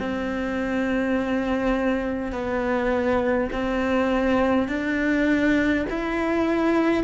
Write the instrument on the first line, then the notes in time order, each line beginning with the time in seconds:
cello
0.00 C4
2.33 B3
3.53 C4
4.69 D4
5.90 E4